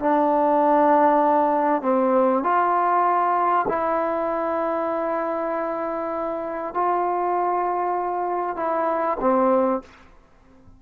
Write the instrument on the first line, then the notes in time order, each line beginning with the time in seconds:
trombone
0.00 D4
1.82 C4
2.44 F4
3.68 E4
6.74 F4
8.57 E4
9.21 C4